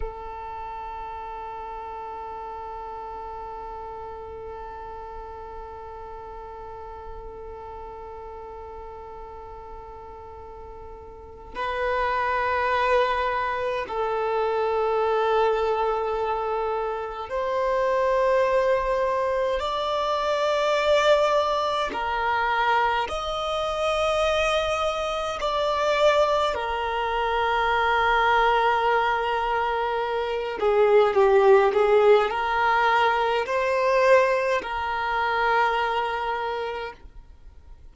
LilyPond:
\new Staff \with { instrumentName = "violin" } { \time 4/4 \tempo 4 = 52 a'1~ | a'1~ | a'2 b'2 | a'2. c''4~ |
c''4 d''2 ais'4 | dis''2 d''4 ais'4~ | ais'2~ ais'8 gis'8 g'8 gis'8 | ais'4 c''4 ais'2 | }